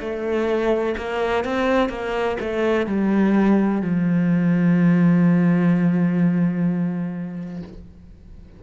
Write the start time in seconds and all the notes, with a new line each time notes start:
0.00 A3
0.97 A#3
1.44 C4
1.89 A#3
2.40 A3
2.86 G3
3.81 F3